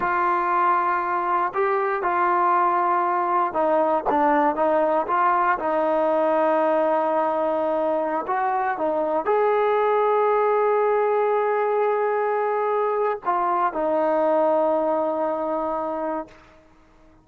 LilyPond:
\new Staff \with { instrumentName = "trombone" } { \time 4/4 \tempo 4 = 118 f'2. g'4 | f'2. dis'4 | d'4 dis'4 f'4 dis'4~ | dis'1~ |
dis'16 fis'4 dis'4 gis'4.~ gis'16~ | gis'1~ | gis'2 f'4 dis'4~ | dis'1 | }